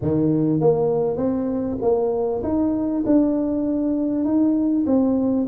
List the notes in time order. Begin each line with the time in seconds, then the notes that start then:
0.01 D#3
0.60 A#3
1.17 C4
1.81 A#3
2.43 D#4
3.06 D4
4.24 D#4
4.86 C4